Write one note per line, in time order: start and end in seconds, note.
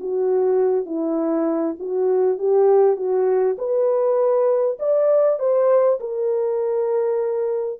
0.00 0.86 F#4
0.86 1.76 E4
1.79 2.38 F#4
2.38 2.96 G4
2.96 3.56 F#4
3.58 4.78 B4
4.79 5.39 D5
5.39 5.99 C5
6.00 7.80 A#4